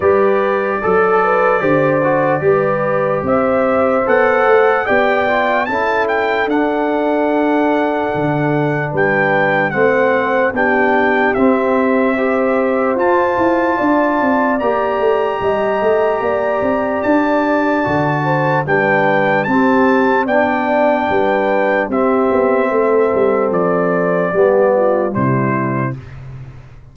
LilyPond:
<<
  \new Staff \with { instrumentName = "trumpet" } { \time 4/4 \tempo 4 = 74 d''1 | e''4 fis''4 g''4 a''8 g''8 | fis''2. g''4 | fis''4 g''4 e''2 |
a''2 ais''2~ | ais''4 a''2 g''4 | a''4 g''2 e''4~ | e''4 d''2 c''4 | }
  \new Staff \with { instrumentName = "horn" } { \time 4/4 b'4 a'8 b'8 c''4 b'4 | c''2 d''4 a'4~ | a'2. b'4 | c''4 g'2 c''4~ |
c''4 d''2 dis''4 | d''2~ d''8 c''8 b'4 | g'4 d''4 b'4 g'4 | a'2 g'8 f'8 e'4 | }
  \new Staff \with { instrumentName = "trombone" } { \time 4/4 g'4 a'4 g'8 fis'8 g'4~ | g'4 a'4 g'8 f'8 e'4 | d'1 | c'4 d'4 c'4 g'4 |
f'2 g'2~ | g'2 fis'4 d'4 | c'4 d'2 c'4~ | c'2 b4 g4 | }
  \new Staff \with { instrumentName = "tuba" } { \time 4/4 g4 fis4 d4 g4 | c'4 b8 a8 b4 cis'4 | d'2 d4 g4 | a4 b4 c'2 |
f'8 e'8 d'8 c'8 ais8 a8 g8 a8 | ais8 c'8 d'4 d4 g4 | c'4 b4 g4 c'8 b8 | a8 g8 f4 g4 c4 | }
>>